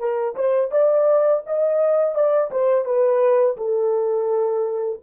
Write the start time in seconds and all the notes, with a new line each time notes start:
0.00 A#4
0.36 C5
0.72 D5
1.47 D#5
2.16 D5
2.51 C5
2.86 B4
3.57 A4